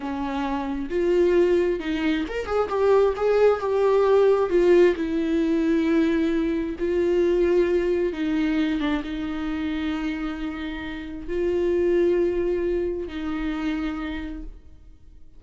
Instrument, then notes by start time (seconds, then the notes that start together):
viola
0.00 C#4
0.89 F4
1.79 D#4
2.28 A#4
2.45 G#4
2.68 G4
3.16 G#4
3.60 G4
4.49 F4
4.95 E4
6.79 F4
8.12 D#4
8.79 D4
9.03 D#4
11.27 F4
13.07 D#4